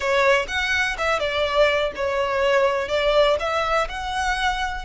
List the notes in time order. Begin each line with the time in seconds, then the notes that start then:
0.00 C#5
0.48 F#5
0.98 E5
1.19 D5
1.95 C#5
2.88 D5
3.39 E5
3.88 F#5